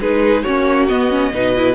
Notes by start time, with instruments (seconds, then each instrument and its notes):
0.00 cello G#3, viola D#4, violin G#4 B4
0.42 cello A#3, viola C#4, violin F#4 C#5
0.88 viola B3, cello B3, violin D#5
1.10 viola C#4
1.33 cello B2, viola D#4, violin B4
1.56 viola E4